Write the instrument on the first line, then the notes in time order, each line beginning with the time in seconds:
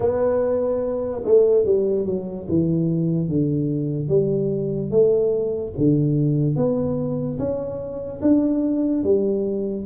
tuba
0.00 B3
1.24 A3
1.65 G3
2.05 F#3
2.48 E3
3.28 D3
4.08 G3
4.90 A3
5.77 D3
6.56 B3
7.38 C#4
8.21 D4
9.03 G3